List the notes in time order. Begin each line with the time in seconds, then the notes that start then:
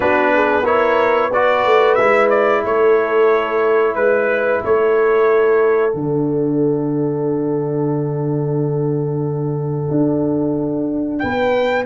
0.00 B3 D4 F#4 B4
0.34 G#4
0.63 E4 A#4 C#5
1.30 F#4 B4 D5
1.65 A3
1.94 G#3 E4 E5
2.29 D5
2.64 A3 A4 C#5
3.95 G#3 B4
4.64 A3 A4 C#5
5.92 D3 D4 F#5
9.90 D4
11.18 B3 B4 G5